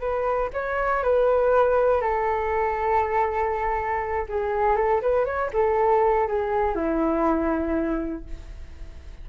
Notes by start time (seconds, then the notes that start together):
0.00 B4
0.53 C#5
1.03 B4
2.01 A4
4.29 G#4
4.76 A4
5.02 B4
5.25 C#5
5.53 A4
6.27 G#4
6.75 E4